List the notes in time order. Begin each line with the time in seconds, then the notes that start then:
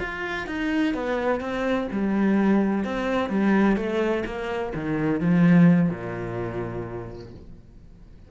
0.00 F4
0.47 D#4
0.94 B3
1.41 C4
1.92 G3
2.85 C4
3.30 G3
3.77 A3
4.26 A#3
4.75 D#3
5.21 F3
5.90 A#2